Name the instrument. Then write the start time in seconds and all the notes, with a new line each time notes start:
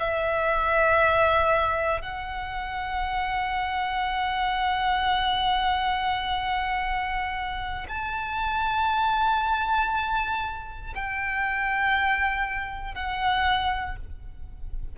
violin
0.00 E5
2.02 F#5
7.89 A5
10.95 G5
12.95 F#5